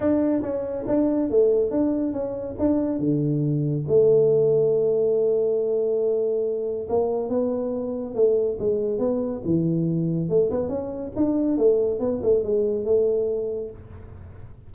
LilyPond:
\new Staff \with { instrumentName = "tuba" } { \time 4/4 \tempo 4 = 140 d'4 cis'4 d'4 a4 | d'4 cis'4 d'4 d4~ | d4 a2.~ | a1 |
ais4 b2 a4 | gis4 b4 e2 | a8 b8 cis'4 d'4 a4 | b8 a8 gis4 a2 | }